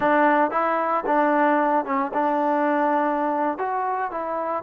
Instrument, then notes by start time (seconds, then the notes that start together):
trombone
0.00 D4
0.50 E4
1.06 D4
1.85 C#4
2.13 D4
3.58 F#4
4.11 E4